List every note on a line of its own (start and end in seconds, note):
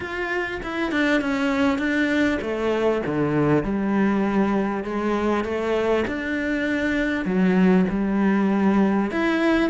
0.00 0.61 F4
0.62 0.91 E4
0.91 1.21 D4
1.21 1.78 C#4
1.78 2.39 D4
2.41 3.02 A3
3.06 3.63 D3
3.63 4.84 G3
4.84 5.44 G#3
5.44 6.04 A3
6.07 7.25 D4
7.25 7.85 F#3
7.90 9.11 G3
9.11 9.69 E4